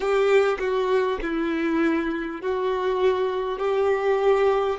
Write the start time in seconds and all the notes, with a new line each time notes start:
0.00 G4
0.58 F#4
1.22 E4
2.41 F#4
3.58 G4